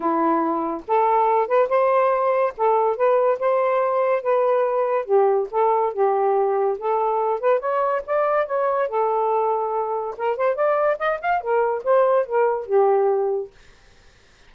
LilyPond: \new Staff \with { instrumentName = "saxophone" } { \time 4/4 \tempo 4 = 142 e'2 a'4. b'8 | c''2 a'4 b'4 | c''2 b'2 | g'4 a'4 g'2 |
a'4. b'8 cis''4 d''4 | cis''4 a'2. | ais'8 c''8 d''4 dis''8 f''8 ais'4 | c''4 ais'4 g'2 | }